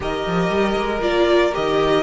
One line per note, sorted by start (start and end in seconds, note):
0.00 0.25 D#3
0.00 1.00 G4
0.00 2.03 A#4
0.00 1.02 D#5
0.26 0.49 F3
0.49 0.75 G3
0.76 1.02 G#3
1.00 1.53 A#3
1.00 1.51 F4
1.00 1.53 D5
1.53 2.03 D#3
1.53 2.03 G4
1.53 2.03 D#5